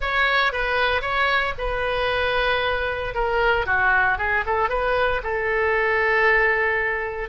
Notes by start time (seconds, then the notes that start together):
0.00 C#5
0.52 B4
1.01 C#5
1.58 B4
3.14 A#4
3.65 F#4
4.18 G#4
4.45 A4
4.69 B4
5.23 A4